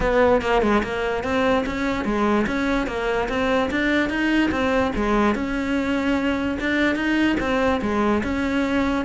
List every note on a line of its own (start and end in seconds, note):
0.00 0.41 B3
0.41 0.62 A#3
0.62 0.82 G#3
0.83 1.23 A#3
1.23 1.64 C4
1.66 2.05 C#4
2.05 2.46 G#3
2.46 2.86 C#4
2.86 3.27 A#3
3.29 3.70 C4
3.70 4.09 D4
4.09 4.50 D#4
4.51 4.92 C4
4.95 5.34 G#3
5.34 6.58 C#4
6.60 6.95 D4
6.95 7.36 D#4
7.40 7.81 C4
7.81 8.22 G#3
8.23 9.05 C#4